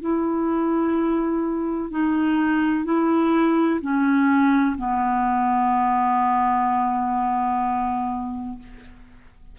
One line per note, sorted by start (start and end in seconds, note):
0.00 1.90 E4
1.90 2.84 D#4
2.84 3.80 E4
3.81 4.76 C#4
4.77 8.58 B3